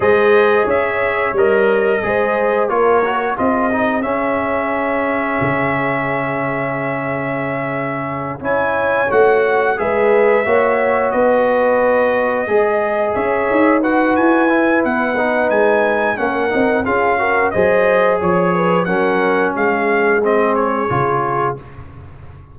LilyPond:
<<
  \new Staff \with { instrumentName = "trumpet" } { \time 4/4 \tempo 4 = 89 dis''4 e''4 dis''2 | cis''4 dis''4 e''2~ | e''1~ | e''8 gis''4 fis''4 e''4.~ |
e''8 dis''2. e''8~ | e''8 fis''8 gis''4 fis''4 gis''4 | fis''4 f''4 dis''4 cis''4 | fis''4 f''4 dis''8 cis''4. | }
  \new Staff \with { instrumentName = "horn" } { \time 4/4 c''4 cis''2 c''4 | ais'4 gis'2.~ | gis'1~ | gis'8 cis''2 b'4 cis''8~ |
cis''8 b'2 dis''4 cis''8~ | cis''8 b'2.~ b'8 | ais'4 gis'8 ais'8 c''4 cis''8 b'8 | ais'4 gis'2. | }
  \new Staff \with { instrumentName = "trombone" } { \time 4/4 gis'2 ais'4 gis'4 | f'8 fis'8 f'8 dis'8 cis'2~ | cis'1~ | cis'8 e'4 fis'4 gis'4 fis'8~ |
fis'2~ fis'8 gis'4.~ | gis'8 fis'4 e'4 dis'4. | cis'8 dis'8 f'8 fis'8 gis'2 | cis'2 c'4 f'4 | }
  \new Staff \with { instrumentName = "tuba" } { \time 4/4 gis4 cis'4 g4 gis4 | ais4 c'4 cis'2 | cis1~ | cis8 cis'4 a4 gis4 ais8~ |
ais8 b2 gis4 cis'8 | dis'4 e'4 b4 gis4 | ais8 c'8 cis'4 fis4 f4 | fis4 gis2 cis4 | }
>>